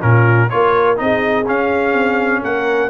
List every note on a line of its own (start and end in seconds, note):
0.00 0.51 A#2
0.00 0.49 C#4
0.00 0.48 F4
0.00 0.49 A#4
0.49 1.00 A#3
0.49 0.96 F4
0.49 1.00 A#4
0.49 0.98 C#5
0.96 1.47 C4
0.96 1.45 D#4
0.96 2.41 G#4
0.96 1.47 D#5
1.46 2.90 C#4
1.46 1.93 C#4
1.46 2.44 F5
1.93 2.42 C4
2.41 2.90 A#3
2.41 2.90 A#4
2.41 2.90 F#5